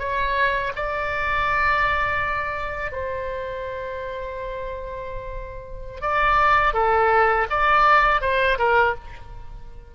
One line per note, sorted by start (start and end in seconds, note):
0.00 0.73 C#5
0.76 2.92 D5
2.92 6.02 C5
6.02 6.74 D5
6.74 7.47 A4
7.51 8.22 D5
8.22 8.58 C5
8.59 8.95 A#4